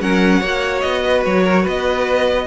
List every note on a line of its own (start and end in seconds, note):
0.00 0.41 F#3
0.00 0.42 C#4
0.00 0.39 A#4
0.00 0.80 F#5
0.39 0.82 A#3
0.39 2.47 F#4
0.39 1.01 C#5
0.80 1.25 B3
0.80 1.22 D#5
1.04 1.44 B4
1.25 1.66 F#3
1.25 1.66 C#5
1.44 1.62 A#4
1.62 2.47 B3
1.62 2.45 B4
1.62 2.47 D#5